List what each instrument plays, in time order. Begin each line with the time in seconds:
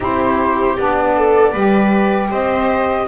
0.00 double bass C4, saxophone E4, viola G4, flute C5
0.76 double bass B3, saxophone D4, flute D5
1.16 viola A4
1.52 double bass G3, saxophone G4, viola B4
2.30 double bass C4, viola C5, flute D#5